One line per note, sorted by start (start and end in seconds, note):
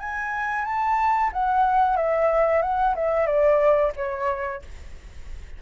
0.00 0.65 G#5
0.65 1.31 A5
1.33 1.97 F#5
1.97 2.62 E5
2.62 2.95 F#5
2.96 3.27 E5
3.27 3.93 D5
3.97 4.62 C#5